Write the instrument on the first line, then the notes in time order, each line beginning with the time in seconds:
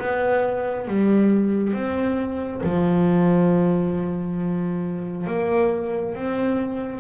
double bass
0.00 B3
0.88 G3
1.73 C4
2.64 F3
5.27 A#3
6.15 C4